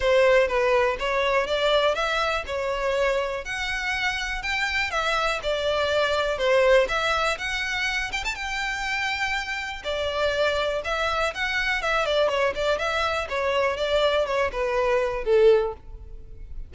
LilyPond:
\new Staff \with { instrumentName = "violin" } { \time 4/4 \tempo 4 = 122 c''4 b'4 cis''4 d''4 | e''4 cis''2 fis''4~ | fis''4 g''4 e''4 d''4~ | d''4 c''4 e''4 fis''4~ |
fis''8 g''16 a''16 g''2. | d''2 e''4 fis''4 | e''8 d''8 cis''8 d''8 e''4 cis''4 | d''4 cis''8 b'4. a'4 | }